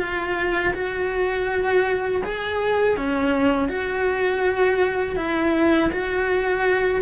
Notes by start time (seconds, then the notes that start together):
0.00 F4
0.74 F#4
2.25 G#4
2.97 C#4
3.69 F#4
5.17 E4
5.93 F#4